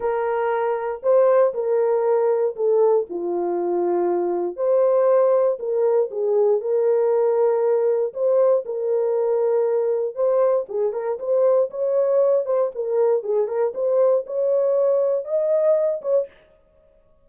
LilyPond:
\new Staff \with { instrumentName = "horn" } { \time 4/4 \tempo 4 = 118 ais'2 c''4 ais'4~ | ais'4 a'4 f'2~ | f'4 c''2 ais'4 | gis'4 ais'2. |
c''4 ais'2. | c''4 gis'8 ais'8 c''4 cis''4~ | cis''8 c''8 ais'4 gis'8 ais'8 c''4 | cis''2 dis''4. cis''8 | }